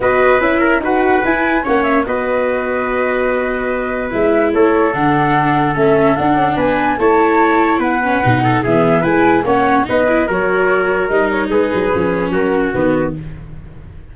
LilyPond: <<
  \new Staff \with { instrumentName = "flute" } { \time 4/4 \tempo 4 = 146 dis''4 e''4 fis''4 gis''4 | fis''8 e''8 dis''2.~ | dis''2 e''4 cis''4 | fis''2 e''4 fis''4 |
gis''4 a''2 fis''4~ | fis''4 e''4 gis''4 fis''4 | dis''4 cis''2 dis''8 cis''8 | b'2 ais'4 b'4 | }
  \new Staff \with { instrumentName = "trumpet" } { \time 4/4 b'4. ais'8 b'2 | cis''4 b'2.~ | b'2. a'4~ | a'1 |
b'4 cis''2 b'4~ | b'8 a'8 gis'4 b'4 cis''4 | b'4 ais'2. | gis'2 fis'2 | }
  \new Staff \with { instrumentName = "viola" } { \time 4/4 fis'4 e'4 fis'4 e'4 | cis'4 fis'2.~ | fis'2 e'2 | d'2 cis'4 d'4~ |
d'4 e'2~ e'8 cis'8 | dis'4 b4 e'4 cis'4 | dis'8 e'8 fis'2 dis'4~ | dis'4 cis'2 b4 | }
  \new Staff \with { instrumentName = "tuba" } { \time 4/4 b4 cis'4 dis'4 e'4 | ais4 b2.~ | b2 gis4 a4 | d2 a4 d'8 cis'8 |
b4 a2 b4 | b,4 e4 gis4 ais4 | b4 fis2 g4 | gis8 fis8 f4 fis4 dis4 | }
>>